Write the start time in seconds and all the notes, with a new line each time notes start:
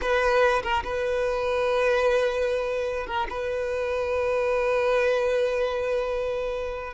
0.01 B4
0.62 A#4
0.83 B4
3.06 A#4
3.29 B4